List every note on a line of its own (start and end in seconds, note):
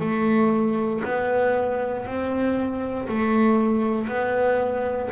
0.00 1.02 A3
1.04 2.06 B3
2.06 3.08 C4
3.08 4.08 A3
4.08 5.09 B3